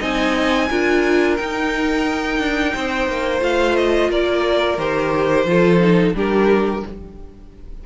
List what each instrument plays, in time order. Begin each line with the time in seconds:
0.00 cello C4, viola D#4, violin D#5 G#5
0.70 cello D4, viola F4, violin A#4
1.37 viola D#4, cello D#4, violin G5
2.39 cello D4
2.74 cello C4, violin C5
3.09 cello A#3
3.40 cello A3, viola F4, violin F5
3.77 violin D#5
4.10 cello A#3, violin A#4 D5
4.78 cello D#3, viola G4, violin C5
5.45 cello F3, viola F4, violin A4
5.80 viola D#4
6.14 cello G3, viola D4, violin G4 A#4